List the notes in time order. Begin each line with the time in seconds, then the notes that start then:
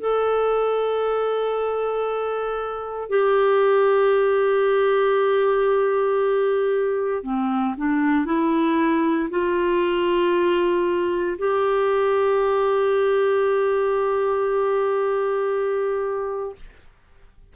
0.00 A4
3.10 G4
7.24 C4
7.78 D4
8.26 E4
9.31 F4
11.39 G4